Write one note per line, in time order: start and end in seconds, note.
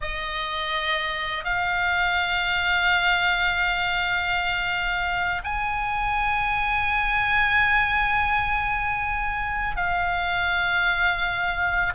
0.01 1.44 D#5
1.44 5.42 F5
5.44 9.76 G#5
9.76 11.93 F5